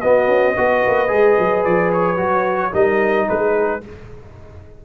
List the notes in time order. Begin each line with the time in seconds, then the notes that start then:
0.00 B3 F#4 D#5
0.27 C#4
0.56 B3 F#4 B4
0.86 A#3
1.07 G#3 G#4
1.38 F#3
1.64 F3 D5
1.92 C#5
2.16 F#3 F#4
2.71 G3 D#4 A#4 D#5
3.28 G#3 G#4 B4